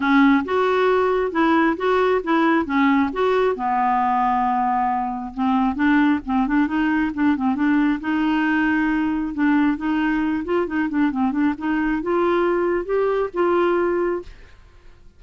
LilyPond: \new Staff \with { instrumentName = "clarinet" } { \time 4/4 \tempo 4 = 135 cis'4 fis'2 e'4 | fis'4 e'4 cis'4 fis'4 | b1 | c'4 d'4 c'8 d'8 dis'4 |
d'8 c'8 d'4 dis'2~ | dis'4 d'4 dis'4. f'8 | dis'8 d'8 c'8 d'8 dis'4 f'4~ | f'4 g'4 f'2 | }